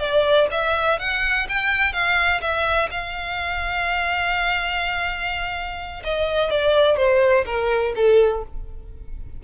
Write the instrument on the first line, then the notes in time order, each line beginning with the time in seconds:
violin
0.00 D5
0.52 E5
0.99 F#5
1.49 G5
1.94 F5
2.42 E5
2.91 F5
6.04 D#5
6.51 D5
6.97 C5
7.46 A#4
7.96 A4